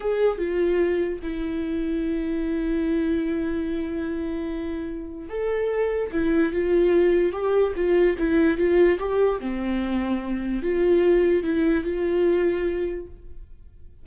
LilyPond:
\new Staff \with { instrumentName = "viola" } { \time 4/4 \tempo 4 = 147 gis'4 f'2 e'4~ | e'1~ | e'1~ | e'4 a'2 e'4 |
f'2 g'4 f'4 | e'4 f'4 g'4 c'4~ | c'2 f'2 | e'4 f'2. | }